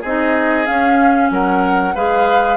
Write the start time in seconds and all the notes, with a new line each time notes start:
0.00 C4 D#4 G#4 D#5
0.65 C#4 F5
1.30 F#3 A#4 F#5
1.94 G#3 G#4 B4 F5